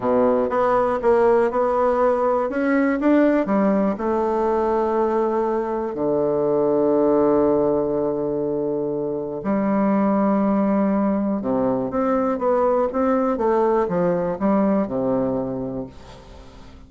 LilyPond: \new Staff \with { instrumentName = "bassoon" } { \time 4/4 \tempo 4 = 121 b,4 b4 ais4 b4~ | b4 cis'4 d'4 g4 | a1 | d1~ |
d2. g4~ | g2. c4 | c'4 b4 c'4 a4 | f4 g4 c2 | }